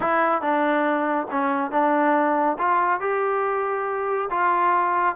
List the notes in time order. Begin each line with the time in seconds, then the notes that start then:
0.00 E4
0.41 D4
1.31 C#4
1.71 D4
2.58 F4
3.00 G4
4.30 F4